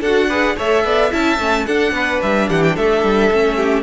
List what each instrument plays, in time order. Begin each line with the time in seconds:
0.00 cello D4, violin A4 F#5
0.06 viola F#4
0.28 viola G#4, violin B4
0.57 cello A3, viola A4, violin C#5 E5
0.84 cello B3, violin D5
1.10 cello C#4, viola E4, violin E5 A5
1.38 cello A3, viola C#4
1.66 cello D4, viola D4, violin A4 F#5
1.91 cello B3, violin B4
2.22 cello G3, violin E5
2.48 cello E3, violin G4 F#5
2.62 violin G5
2.75 cello A3, violin A4 E5
3.03 cello G3
3.31 cello A3, viola C#4
3.56 violin G4